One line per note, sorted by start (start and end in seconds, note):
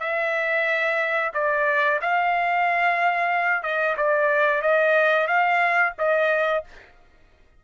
0.00 1.32 E5
1.34 2.00 D5
2.01 3.63 F5
3.63 3.96 D#5
3.97 4.62 D5
4.62 5.27 D#5
5.27 5.93 F5
5.98 6.64 D#5